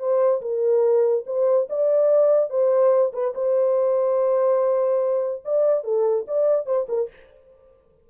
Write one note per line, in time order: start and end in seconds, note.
0.00 0.42 C5
0.42 1.25 A#4
1.27 1.69 C5
1.70 2.50 D5
2.50 3.13 C5
3.13 3.34 B4
3.35 5.43 C5
5.45 5.84 D5
5.84 6.26 A4
6.28 6.66 D5
6.66 6.87 C5
6.89 7.10 A#4